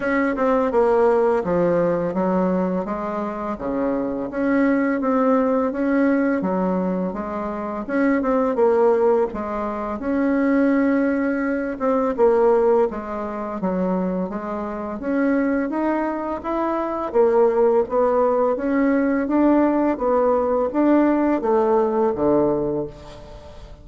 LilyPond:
\new Staff \with { instrumentName = "bassoon" } { \time 4/4 \tempo 4 = 84 cis'8 c'8 ais4 f4 fis4 | gis4 cis4 cis'4 c'4 | cis'4 fis4 gis4 cis'8 c'8 | ais4 gis4 cis'2~ |
cis'8 c'8 ais4 gis4 fis4 | gis4 cis'4 dis'4 e'4 | ais4 b4 cis'4 d'4 | b4 d'4 a4 d4 | }